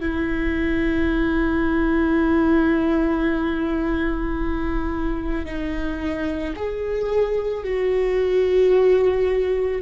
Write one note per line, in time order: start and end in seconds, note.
0.00 5.45 E4
5.45 6.54 D#4
6.56 7.64 G#4
7.64 9.82 F#4